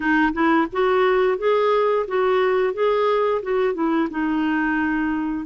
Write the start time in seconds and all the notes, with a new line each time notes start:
0.00 D#4
0.33 E4
0.72 F#4
1.38 G#4
2.07 F#4
2.73 G#4
3.42 F#4
3.74 E4
4.10 D#4